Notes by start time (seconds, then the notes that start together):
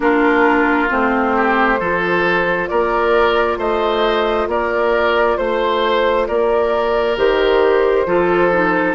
0.00 A#3 D4 F4 A#4
0.89 A3 C4 C5
1.35 G4
1.77 F3 F4 A4
2.67 A#3 A#4 D5
3.57 A3 C5 D#5
4.47 A#3 A#4 D5
5.37 A3 C5
6.27 A#3 A#4 D5
7.17 D#3 G4 C5
8.06 F3 F4 A4
8.51 D#4